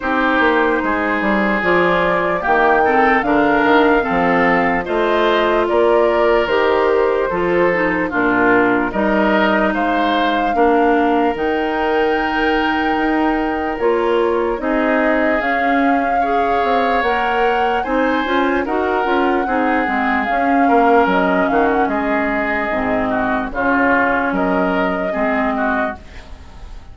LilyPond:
<<
  \new Staff \with { instrumentName = "flute" } { \time 4/4 \tempo 4 = 74 c''2 d''4 g''4 | f''2 dis''4 d''4 | c''2 ais'4 dis''4 | f''2 g''2~ |
g''4 cis''4 dis''4 f''4~ | f''4 fis''4 gis''4 fis''4~ | fis''4 f''4 dis''8 f''16 fis''16 dis''4~ | dis''4 cis''4 dis''2 | }
  \new Staff \with { instrumentName = "oboe" } { \time 4/4 g'4 gis'2 g'8 a'8 | ais'4 a'4 c''4 ais'4~ | ais'4 a'4 f'4 ais'4 | c''4 ais'2.~ |
ais'2 gis'2 | cis''2 c''4 ais'4 | gis'4. ais'4 fis'8 gis'4~ | gis'8 fis'8 f'4 ais'4 gis'8 fis'8 | }
  \new Staff \with { instrumentName = "clarinet" } { \time 4/4 dis'2 f'4 ais8 c'8 | d'4 c'4 f'2 | g'4 f'8 dis'8 d'4 dis'4~ | dis'4 d'4 dis'2~ |
dis'4 f'4 dis'4 cis'4 | gis'4 ais'4 dis'8 f'8 fis'8 f'8 | dis'8 c'8 cis'2. | c'4 cis'2 c'4 | }
  \new Staff \with { instrumentName = "bassoon" } { \time 4/4 c'8 ais8 gis8 g8 f4 dis4 | d8 dis8 f4 a4 ais4 | dis4 f4 ais,4 g4 | gis4 ais4 dis2 |
dis'4 ais4 c'4 cis'4~ | cis'8 c'8 ais4 c'8 cis'8 dis'8 cis'8 | c'8 gis8 cis'8 ais8 fis8 dis8 gis4 | gis,4 cis4 fis4 gis4 | }
>>